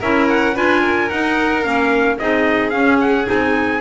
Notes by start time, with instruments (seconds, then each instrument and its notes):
0.00 double bass C#4, clarinet E4, violin A#4, trumpet E5
0.30 trumpet F#5
0.54 double bass D4, clarinet F4, violin B4, trumpet G#5
0.81 violin A#4
1.10 double bass D#4, clarinet D#4, trumpet F#5
1.63 double bass A#3, clarinet C#4, trumpet F5
2.19 double bass C4, clarinet D#4, violin G#4, trumpet D#5
2.70 clarinet C#4, double bass C#4, trumpet F5
3.01 trumpet F#5
3.25 double bass C4, clarinet D#4, trumpet G#5